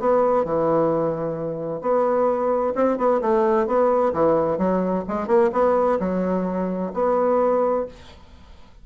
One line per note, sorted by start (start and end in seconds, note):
0.00 0.45 B3
0.45 1.82 E3
1.82 2.74 B3
2.75 2.98 C4
2.98 3.21 B3
3.22 3.67 A3
3.67 4.13 B3
4.13 4.58 E3
4.58 5.05 F#3
5.09 5.28 G#3
5.28 5.51 A#3
5.53 5.99 B3
6.00 6.93 F#3
6.94 7.87 B3